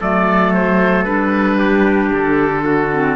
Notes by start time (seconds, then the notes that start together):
0.00 F#3 A3 A4 D5
0.54 C5
1.05 G3 D4 B4
1.59 G4
2.14 D3 A4
2.65 F#4
2.93 C4